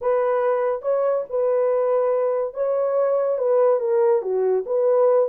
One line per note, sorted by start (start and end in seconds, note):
0.01 0.82 B4
0.82 1.24 C#5
1.29 2.54 B4
2.54 3.38 C#5
3.38 3.80 B4
3.80 4.22 A#4
4.22 4.64 F#4
4.65 5.29 B4